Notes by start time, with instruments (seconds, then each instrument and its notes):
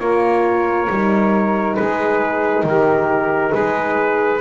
0.00 double bass A#3, horn F4, saxophone A#4, trumpet C#5
0.90 double bass G3, horn D#4
1.75 double bass G#3, saxophone G#4, trumpet B4
2.64 double bass D#3, saxophone G4, trumpet A#4
3.51 double bass G#3, saxophone G#4, trumpet B4